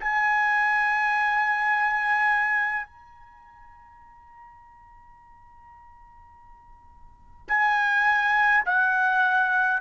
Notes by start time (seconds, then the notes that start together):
0.00 G#5
2.87 A#5
7.48 G#5
8.65 F#5